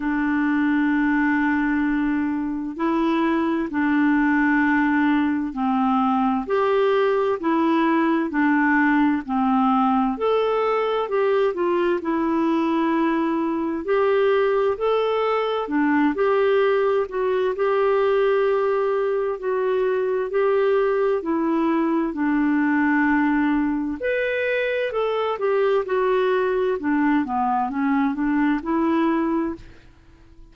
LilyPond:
\new Staff \with { instrumentName = "clarinet" } { \time 4/4 \tempo 4 = 65 d'2. e'4 | d'2 c'4 g'4 | e'4 d'4 c'4 a'4 | g'8 f'8 e'2 g'4 |
a'4 d'8 g'4 fis'8 g'4~ | g'4 fis'4 g'4 e'4 | d'2 b'4 a'8 g'8 | fis'4 d'8 b8 cis'8 d'8 e'4 | }